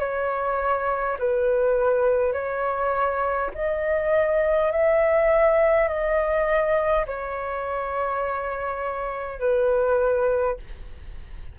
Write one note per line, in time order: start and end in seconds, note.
0.00 1.18 C#5
1.19 2.33 B4
2.33 3.50 C#5
3.55 4.72 D#5
4.72 5.88 E5
5.88 7.06 D#5
7.06 9.40 C#5
9.40 10.57 B4